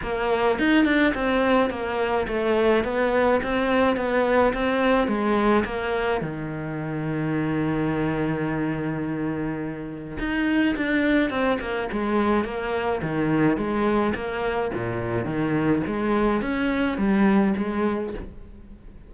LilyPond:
\new Staff \with { instrumentName = "cello" } { \time 4/4 \tempo 4 = 106 ais4 dis'8 d'8 c'4 ais4 | a4 b4 c'4 b4 | c'4 gis4 ais4 dis4~ | dis1~ |
dis2 dis'4 d'4 | c'8 ais8 gis4 ais4 dis4 | gis4 ais4 ais,4 dis4 | gis4 cis'4 g4 gis4 | }